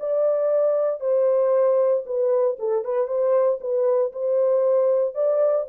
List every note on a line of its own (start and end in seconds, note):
0.00 1.00 D5
1.00 2.04 C5
2.06 2.57 B4
2.59 2.84 A4
2.84 3.07 B4
3.07 3.59 C5
3.60 4.12 B4
4.13 5.14 C5
5.14 5.66 D5